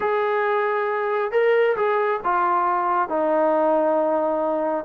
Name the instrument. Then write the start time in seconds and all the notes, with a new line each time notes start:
trombone
0.00 G#4
1.31 A#4
1.76 G#4
2.24 F4
3.08 D#4